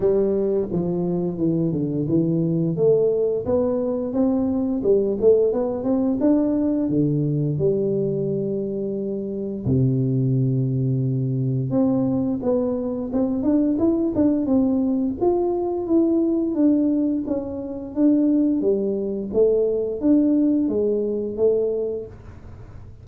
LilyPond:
\new Staff \with { instrumentName = "tuba" } { \time 4/4 \tempo 4 = 87 g4 f4 e8 d8 e4 | a4 b4 c'4 g8 a8 | b8 c'8 d'4 d4 g4~ | g2 c2~ |
c4 c'4 b4 c'8 d'8 | e'8 d'8 c'4 f'4 e'4 | d'4 cis'4 d'4 g4 | a4 d'4 gis4 a4 | }